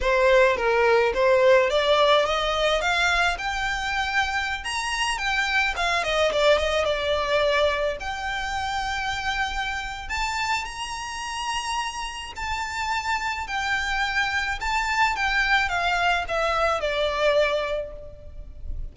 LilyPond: \new Staff \with { instrumentName = "violin" } { \time 4/4 \tempo 4 = 107 c''4 ais'4 c''4 d''4 | dis''4 f''4 g''2~ | g''16 ais''4 g''4 f''8 dis''8 d''8 dis''16~ | dis''16 d''2 g''4.~ g''16~ |
g''2 a''4 ais''4~ | ais''2 a''2 | g''2 a''4 g''4 | f''4 e''4 d''2 | }